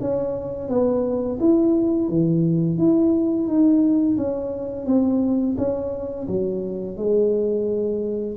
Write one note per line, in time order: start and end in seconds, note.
0.00 0.68 C#4
0.68 1.38 B3
1.40 2.08 E4
2.08 2.77 E3
2.77 3.47 E4
3.47 4.16 D#4
4.17 4.86 C#4
4.86 5.55 C4
5.57 6.27 C#4
6.27 6.96 F#3
6.96 8.36 G#3